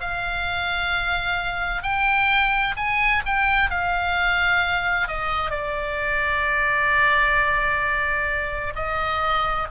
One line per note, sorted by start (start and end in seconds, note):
0.00 1.83 F5
1.83 2.75 G5
2.77 3.23 G#5
3.26 3.70 G5
3.70 5.08 F5
5.08 5.50 D#5
5.50 8.73 D5
8.75 9.68 D#5